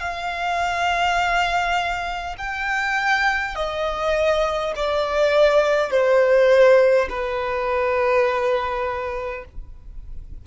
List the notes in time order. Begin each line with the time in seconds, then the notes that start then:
0.00 F5
2.39 G5
3.56 D#5
4.76 D5
5.91 C5
7.10 B4